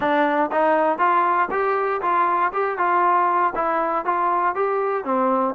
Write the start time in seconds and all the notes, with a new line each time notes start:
0.00 D4
0.51 D#4
0.98 F4
1.50 G4
2.01 F4
2.53 G4
2.77 F4
3.55 E4
4.05 F4
4.55 G4
5.04 C4